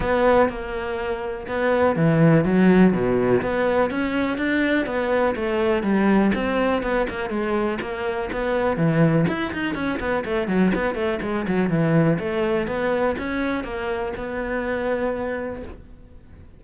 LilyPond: \new Staff \with { instrumentName = "cello" } { \time 4/4 \tempo 4 = 123 b4 ais2 b4 | e4 fis4 b,4 b4 | cis'4 d'4 b4 a4 | g4 c'4 b8 ais8 gis4 |
ais4 b4 e4 e'8 dis'8 | cis'8 b8 a8 fis8 b8 a8 gis8 fis8 | e4 a4 b4 cis'4 | ais4 b2. | }